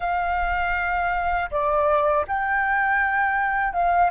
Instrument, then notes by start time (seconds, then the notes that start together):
flute
0.00 F5
1.50 D5
2.27 G5
3.73 F5